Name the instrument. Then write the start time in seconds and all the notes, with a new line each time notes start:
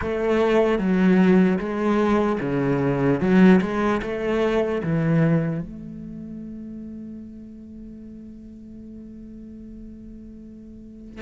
cello
0.01 A3
0.78 F#3
1.59 G#3
2.40 C#3
3.20 F#3
3.61 G#3
4.02 A3
4.83 E3
5.61 A3